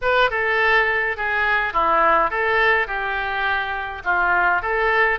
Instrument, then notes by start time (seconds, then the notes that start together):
oboe
0.01 B4
0.30 A4
1.16 G#4
1.73 E4
2.30 A4
2.87 G4
4.04 F4
4.62 A4